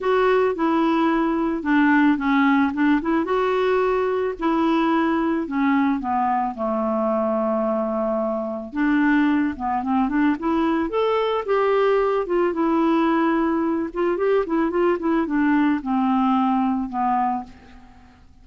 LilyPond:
\new Staff \with { instrumentName = "clarinet" } { \time 4/4 \tempo 4 = 110 fis'4 e'2 d'4 | cis'4 d'8 e'8 fis'2 | e'2 cis'4 b4 | a1 |
d'4. b8 c'8 d'8 e'4 | a'4 g'4. f'8 e'4~ | e'4. f'8 g'8 e'8 f'8 e'8 | d'4 c'2 b4 | }